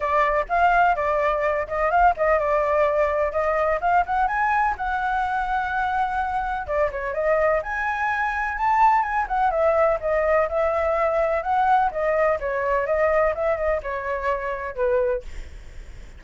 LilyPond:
\new Staff \with { instrumentName = "flute" } { \time 4/4 \tempo 4 = 126 d''4 f''4 d''4. dis''8 | f''8 dis''8 d''2 dis''4 | f''8 fis''8 gis''4 fis''2~ | fis''2 d''8 cis''8 dis''4 |
gis''2 a''4 gis''8 fis''8 | e''4 dis''4 e''2 | fis''4 dis''4 cis''4 dis''4 | e''8 dis''8 cis''2 b'4 | }